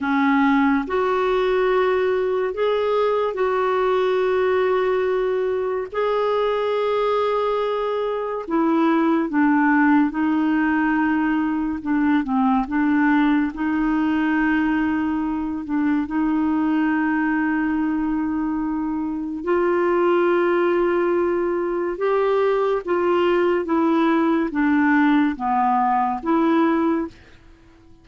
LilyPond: \new Staff \with { instrumentName = "clarinet" } { \time 4/4 \tempo 4 = 71 cis'4 fis'2 gis'4 | fis'2. gis'4~ | gis'2 e'4 d'4 | dis'2 d'8 c'8 d'4 |
dis'2~ dis'8 d'8 dis'4~ | dis'2. f'4~ | f'2 g'4 f'4 | e'4 d'4 b4 e'4 | }